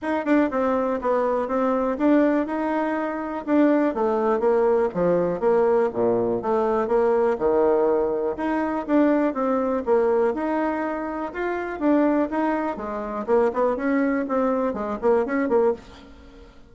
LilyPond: \new Staff \with { instrumentName = "bassoon" } { \time 4/4 \tempo 4 = 122 dis'8 d'8 c'4 b4 c'4 | d'4 dis'2 d'4 | a4 ais4 f4 ais4 | ais,4 a4 ais4 dis4~ |
dis4 dis'4 d'4 c'4 | ais4 dis'2 f'4 | d'4 dis'4 gis4 ais8 b8 | cis'4 c'4 gis8 ais8 cis'8 ais8 | }